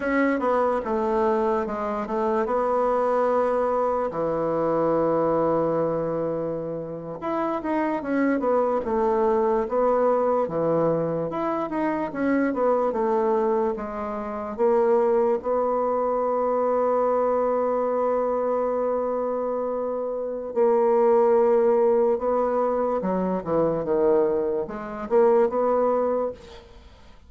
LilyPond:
\new Staff \with { instrumentName = "bassoon" } { \time 4/4 \tempo 4 = 73 cis'8 b8 a4 gis8 a8 b4~ | b4 e2.~ | e8. e'8 dis'8 cis'8 b8 a4 b16~ | b8. e4 e'8 dis'8 cis'8 b8 a16~ |
a8. gis4 ais4 b4~ b16~ | b1~ | b4 ais2 b4 | fis8 e8 dis4 gis8 ais8 b4 | }